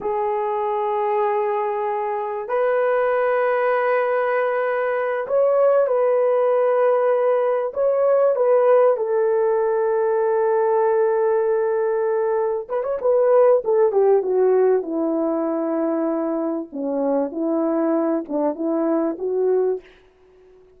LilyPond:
\new Staff \with { instrumentName = "horn" } { \time 4/4 \tempo 4 = 97 gis'1 | b'1~ | b'8 cis''4 b'2~ b'8~ | b'8 cis''4 b'4 a'4.~ |
a'1~ | a'8 b'16 cis''16 b'4 a'8 g'8 fis'4 | e'2. cis'4 | e'4. d'8 e'4 fis'4 | }